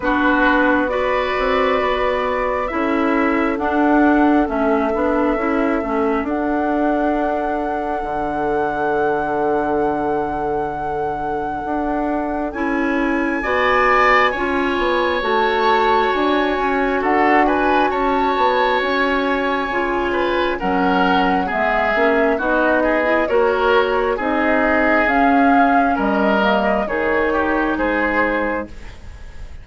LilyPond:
<<
  \new Staff \with { instrumentName = "flute" } { \time 4/4 \tempo 4 = 67 b'4 d''2 e''4 | fis''4 e''2 fis''4~ | fis''1~ | fis''2 gis''2~ |
gis''4 a''4 gis''4 fis''8 gis''8 | a''4 gis''2 fis''4 | e''4 dis''4 cis''4 dis''4 | f''4 dis''4 cis''4 c''4 | }
  \new Staff \with { instrumentName = "oboe" } { \time 4/4 fis'4 b'2 a'4~ | a'1~ | a'1~ | a'2. d''4 |
cis''2. a'8 b'8 | cis''2~ cis''8 b'8 ais'4 | gis'4 fis'8 gis'8 ais'4 gis'4~ | gis'4 ais'4 gis'8 g'8 gis'4 | }
  \new Staff \with { instrumentName = "clarinet" } { \time 4/4 d'4 fis'2 e'4 | d'4 cis'8 d'8 e'8 cis'8 d'4~ | d'1~ | d'2 e'4 fis'4 |
f'4 fis'2.~ | fis'2 f'4 cis'4 | b8 cis'8 dis'8. e'16 fis'4 dis'4 | cis'4. ais8 dis'2 | }
  \new Staff \with { instrumentName = "bassoon" } { \time 4/4 b4. c'8 b4 cis'4 | d'4 a8 b8 cis'8 a8 d'4~ | d'4 d2.~ | d4 d'4 cis'4 b4 |
cis'8 b8 a4 d'8 cis'8 d'4 | cis'8 b8 cis'4 cis4 fis4 | gis8 ais8 b4 ais4 c'4 | cis'4 g4 dis4 gis4 | }
>>